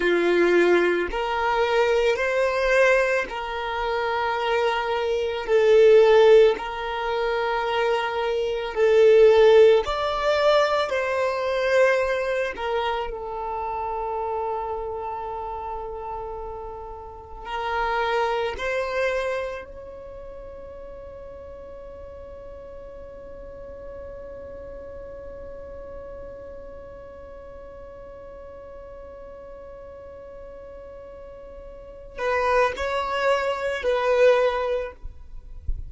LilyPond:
\new Staff \with { instrumentName = "violin" } { \time 4/4 \tempo 4 = 55 f'4 ais'4 c''4 ais'4~ | ais'4 a'4 ais'2 | a'4 d''4 c''4. ais'8 | a'1 |
ais'4 c''4 cis''2~ | cis''1~ | cis''1~ | cis''4. b'8 cis''4 b'4 | }